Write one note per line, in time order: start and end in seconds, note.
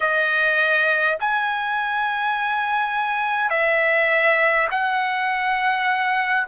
0.00 1.18 D#5
1.20 3.50 G#5
3.50 4.67 E5
4.71 6.47 F#5